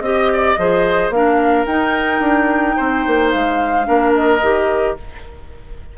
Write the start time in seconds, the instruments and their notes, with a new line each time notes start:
0.00 bassoon C4, clarinet G4, flute D#5, oboe D#5
0.33 oboe D5
0.58 bassoon F3, clarinet G#4, oboe C5
1.10 bassoon A#3, clarinet D4, oboe A#4, flute F5
1.66 bassoon D#4, clarinet D#4, flute G5
2.20 bassoon D4
2.76 bassoon C4, oboe C5
3.06 bassoon A#3
3.31 bassoon G#3, flute F5
3.84 bassoon A#3, clarinet D4, oboe A#4
4.14 flute D#5
4.42 bassoon D#3, clarinet G4